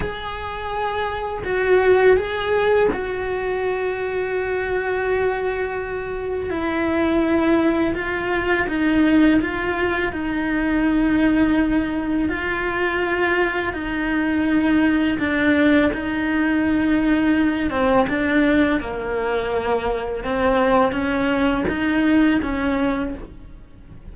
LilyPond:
\new Staff \with { instrumentName = "cello" } { \time 4/4 \tempo 4 = 83 gis'2 fis'4 gis'4 | fis'1~ | fis'4 e'2 f'4 | dis'4 f'4 dis'2~ |
dis'4 f'2 dis'4~ | dis'4 d'4 dis'2~ | dis'8 c'8 d'4 ais2 | c'4 cis'4 dis'4 cis'4 | }